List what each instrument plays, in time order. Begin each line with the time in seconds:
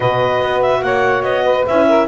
0.00 double bass B2, horn F#4, saxophone B4, clarinet D#5
0.41 double bass B3
0.62 clarinet E5
0.82 double bass A#3, saxophone C#5, clarinet F#5
1.22 double bass B3, clarinet D#5
1.44 saxophone B4
1.66 double bass C#4, horn E4, clarinet E5
1.88 saxophone A#4